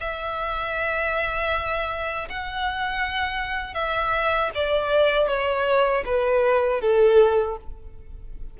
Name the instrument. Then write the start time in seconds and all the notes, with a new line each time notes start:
violin
0.00 E5
2.29 F#5
3.74 E5
4.54 D5
5.28 C#5
6.05 B4
6.80 A4